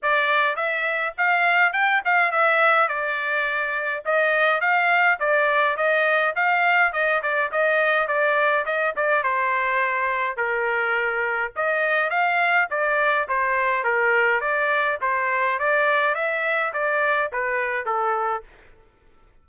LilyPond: \new Staff \with { instrumentName = "trumpet" } { \time 4/4 \tempo 4 = 104 d''4 e''4 f''4 g''8 f''8 | e''4 d''2 dis''4 | f''4 d''4 dis''4 f''4 | dis''8 d''8 dis''4 d''4 dis''8 d''8 |
c''2 ais'2 | dis''4 f''4 d''4 c''4 | ais'4 d''4 c''4 d''4 | e''4 d''4 b'4 a'4 | }